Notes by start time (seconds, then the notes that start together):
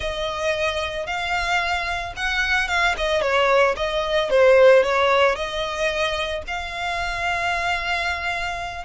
0.00 D#5
1.06 F5
2.16 F#5
2.68 F5
2.97 D#5
3.21 C#5
3.76 D#5
4.30 C5
4.83 C#5
5.35 D#5
6.47 F5